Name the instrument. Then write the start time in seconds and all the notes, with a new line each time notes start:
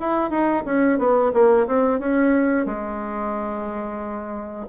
bassoon
0.00 E4
0.31 D#4
0.66 C#4
0.99 B3
1.34 A#3
1.67 C4
2.00 C#4
2.66 G#3